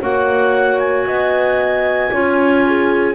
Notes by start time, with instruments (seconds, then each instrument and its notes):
0.00 double bass A#3, clarinet F#4 F#5, horn C#5
0.79 clarinet G#5
1.06 double bass B3, horn D#5
2.12 double bass C#4, clarinet F4, horn C#5
2.66 horn G#4